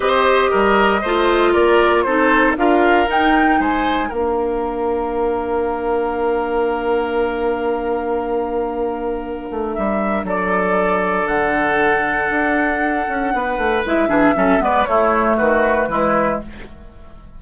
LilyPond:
<<
  \new Staff \with { instrumentName = "flute" } { \time 4/4 \tempo 4 = 117 dis''2. d''4 | c''4 f''4 g''4 gis''4 | f''1~ | f''1~ |
f''2. e''4 | d''2 fis''2~ | fis''2. e''4~ | e''8 d''8 cis''4 b'2 | }
  \new Staff \with { instrumentName = "oboe" } { \time 4/4 c''4 ais'4 c''4 ais'4 | a'4 ais'2 c''4 | ais'1~ | ais'1~ |
ais'1 | a'1~ | a'2 b'4. gis'8 | a'8 b'8 e'4 fis'4 e'4 | }
  \new Staff \with { instrumentName = "clarinet" } { \time 4/4 g'2 f'2 | dis'4 f'4 dis'2 | d'1~ | d'1~ |
d'1~ | d'1~ | d'2. e'8 d'8 | cis'8 b8 a2 gis4 | }
  \new Staff \with { instrumentName = "bassoon" } { \time 4/4 c'4 g4 a4 ais4 | c'4 d'4 dis'4 gis4 | ais1~ | ais1~ |
ais2~ ais8 a8 g4 | fis2 d2 | d'4. cis'8 b8 a8 gis8 e8 | fis8 gis8 a4 dis4 e4 | }
>>